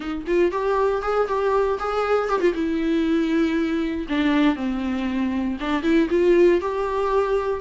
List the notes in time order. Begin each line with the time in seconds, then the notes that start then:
0.00 D#4
0.26 F4
0.51 G4
1.02 G#4
1.27 G4
1.79 G#4
2.28 G4
2.40 F4
2.54 E4
4.08 D4
4.55 C4
5.59 D4
5.82 E4
6.09 F4
6.60 G4